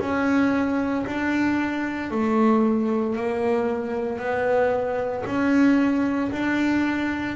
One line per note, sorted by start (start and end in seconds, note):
0.00 1.05 C#4
1.07 2.11 D4
2.11 3.16 A3
3.16 4.19 A#3
4.19 5.24 B3
5.26 6.32 C#4
6.32 7.36 D4